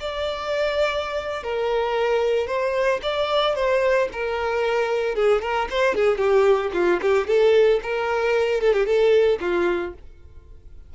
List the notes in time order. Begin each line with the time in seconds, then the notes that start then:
0.00 D5
1.43 A#4
2.47 C5
3.02 D5
3.55 C5
4.12 A#4
5.15 G#4
5.42 A#4
5.70 C5
5.95 G#4
6.17 G4
6.73 F4
7.01 G4
7.27 A4
7.82 A#4
8.61 A4
8.73 G4
8.86 A4
9.40 F4